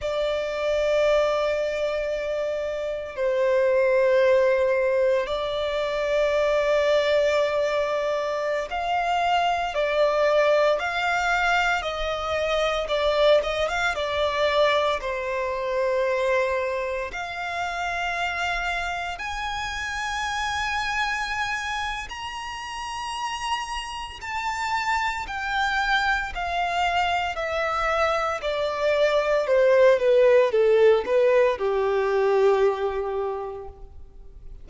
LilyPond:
\new Staff \with { instrumentName = "violin" } { \time 4/4 \tempo 4 = 57 d''2. c''4~ | c''4 d''2.~ | d''16 f''4 d''4 f''4 dis''8.~ | dis''16 d''8 dis''16 f''16 d''4 c''4.~ c''16~ |
c''16 f''2 gis''4.~ gis''16~ | gis''4 ais''2 a''4 | g''4 f''4 e''4 d''4 | c''8 b'8 a'8 b'8 g'2 | }